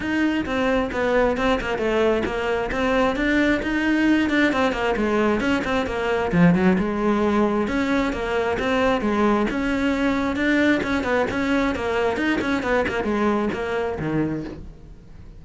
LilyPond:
\new Staff \with { instrumentName = "cello" } { \time 4/4 \tempo 4 = 133 dis'4 c'4 b4 c'8 ais8 | a4 ais4 c'4 d'4 | dis'4. d'8 c'8 ais8 gis4 | cis'8 c'8 ais4 f8 fis8 gis4~ |
gis4 cis'4 ais4 c'4 | gis4 cis'2 d'4 | cis'8 b8 cis'4 ais4 dis'8 cis'8 | b8 ais8 gis4 ais4 dis4 | }